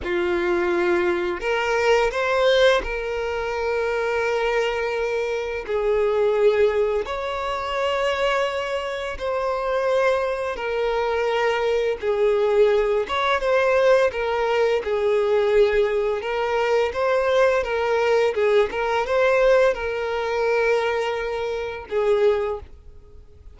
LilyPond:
\new Staff \with { instrumentName = "violin" } { \time 4/4 \tempo 4 = 85 f'2 ais'4 c''4 | ais'1 | gis'2 cis''2~ | cis''4 c''2 ais'4~ |
ais'4 gis'4. cis''8 c''4 | ais'4 gis'2 ais'4 | c''4 ais'4 gis'8 ais'8 c''4 | ais'2. gis'4 | }